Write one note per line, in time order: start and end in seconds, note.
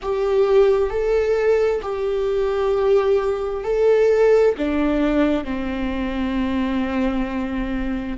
0.02 0.90 G4
0.90 1.81 A4
1.82 3.64 G4
3.64 4.55 A4
4.57 5.44 D4
5.44 8.17 C4